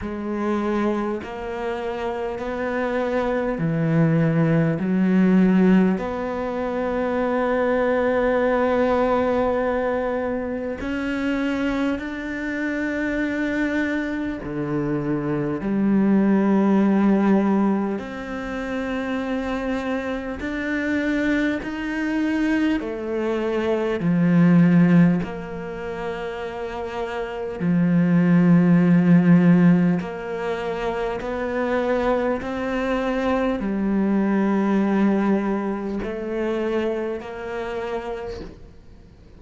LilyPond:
\new Staff \with { instrumentName = "cello" } { \time 4/4 \tempo 4 = 50 gis4 ais4 b4 e4 | fis4 b2.~ | b4 cis'4 d'2 | d4 g2 c'4~ |
c'4 d'4 dis'4 a4 | f4 ais2 f4~ | f4 ais4 b4 c'4 | g2 a4 ais4 | }